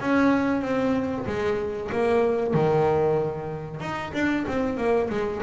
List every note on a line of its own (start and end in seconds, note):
0.00 0.62 C#4
0.62 1.26 C4
1.26 1.90 G#3
1.92 2.54 A#3
2.54 3.80 D#3
3.80 4.12 D#4
4.14 4.46 D4
4.48 4.77 C4
4.77 5.09 A#3
5.09 5.41 G#3